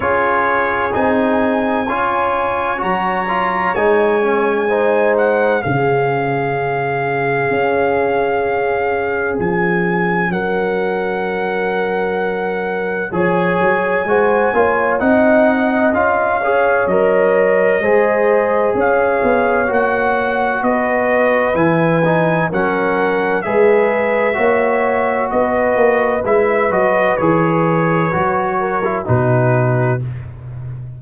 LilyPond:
<<
  \new Staff \with { instrumentName = "trumpet" } { \time 4/4 \tempo 4 = 64 cis''4 gis''2 ais''4 | gis''4. fis''8 f''2~ | f''2 gis''4 fis''4~ | fis''2 gis''2 |
fis''4 f''4 dis''2 | f''4 fis''4 dis''4 gis''4 | fis''4 e''2 dis''4 | e''8 dis''8 cis''2 b'4 | }
  \new Staff \with { instrumentName = "horn" } { \time 4/4 gis'2 cis''2~ | cis''4 c''4 gis'2~ | gis'2. ais'4~ | ais'2 cis''4 c''8 cis''8 |
dis''4. cis''4. c''4 | cis''2 b'2 | ais'4 b'4 cis''4 b'4~ | b'2~ b'8 ais'8 fis'4 | }
  \new Staff \with { instrumentName = "trombone" } { \time 4/4 f'4 dis'4 f'4 fis'8 f'8 | dis'8 cis'8 dis'4 cis'2~ | cis'1~ | cis'2 gis'4 fis'8 f'8 |
dis'4 f'8 gis'8 ais'4 gis'4~ | gis'4 fis'2 e'8 dis'8 | cis'4 gis'4 fis'2 | e'8 fis'8 gis'4 fis'8. e'16 dis'4 | }
  \new Staff \with { instrumentName = "tuba" } { \time 4/4 cis'4 c'4 cis'4 fis4 | gis2 cis2 | cis'2 f4 fis4~ | fis2 f8 fis8 gis8 ais8 |
c'4 cis'4 fis4 gis4 | cis'8 b8 ais4 b4 e4 | fis4 gis4 ais4 b8 ais8 | gis8 fis8 e4 fis4 b,4 | }
>>